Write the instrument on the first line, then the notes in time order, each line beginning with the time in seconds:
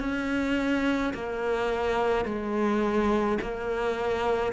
cello
0.00 C#4
1.14 A#3
2.25 G#3
3.42 A#3